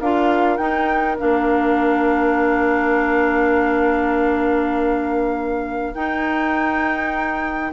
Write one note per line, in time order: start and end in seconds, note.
0.00 0.58 D4
0.00 0.59 F4
0.00 7.72 A#4
0.00 0.56 F5
0.56 1.17 D#4
0.56 1.16 G5
1.17 5.94 A#3
1.17 5.93 D4
1.17 5.94 F5
5.94 7.72 D#4
5.94 7.72 G5